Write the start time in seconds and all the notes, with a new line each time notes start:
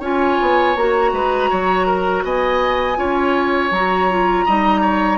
0.00 C#4 F4 C#5 G#5
0.41 B3
0.76 A#3 F#4 A#5
1.12 G#3 B4
1.50 F#3 C#5
1.87 A#4
2.24 B3 D#5 G#5
2.96 C#4 F4 C#5
3.71 F#3 F#4 A#5
4.11 F4
4.45 G3 D#4 D#5
4.81 C#5